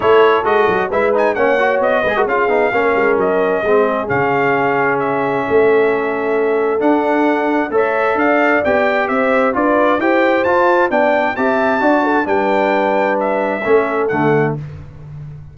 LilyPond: <<
  \new Staff \with { instrumentName = "trumpet" } { \time 4/4 \tempo 4 = 132 cis''4 dis''4 e''8 gis''8 fis''4 | dis''4 f''2 dis''4~ | dis''4 f''2 e''4~ | e''2. fis''4~ |
fis''4 e''4 f''4 g''4 | e''4 d''4 g''4 a''4 | g''4 a''2 g''4~ | g''4 e''2 fis''4 | }
  \new Staff \with { instrumentName = "horn" } { \time 4/4 a'2 b'4 cis''4~ | cis''8 b'16 ais'16 gis'4 ais'2 | gis'1 | a'1~ |
a'4 cis''4 d''2 | c''4 b'4 c''2 | d''4 e''4 d''8 a'8 b'4~ | b'2 a'2 | }
  \new Staff \with { instrumentName = "trombone" } { \time 4/4 e'4 fis'4 e'8 dis'8 cis'8 fis'8~ | fis'8 gis'16 fis'16 f'8 dis'8 cis'2 | c'4 cis'2.~ | cis'2. d'4~ |
d'4 a'2 g'4~ | g'4 f'4 g'4 f'4 | d'4 g'4 fis'4 d'4~ | d'2 cis'4 a4 | }
  \new Staff \with { instrumentName = "tuba" } { \time 4/4 a4 gis8 fis8 gis4 ais4 | b8 gis8 cis'8 b8 ais8 gis8 fis4 | gis4 cis2. | a2. d'4~ |
d'4 a4 d'4 b4 | c'4 d'4 e'4 f'4 | b4 c'4 d'4 g4~ | g2 a4 d4 | }
>>